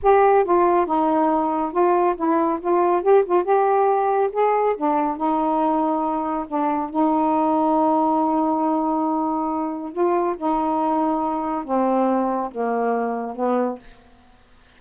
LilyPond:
\new Staff \with { instrumentName = "saxophone" } { \time 4/4 \tempo 4 = 139 g'4 f'4 dis'2 | f'4 e'4 f'4 g'8 f'8 | g'2 gis'4 d'4 | dis'2. d'4 |
dis'1~ | dis'2. f'4 | dis'2. c'4~ | c'4 ais2 b4 | }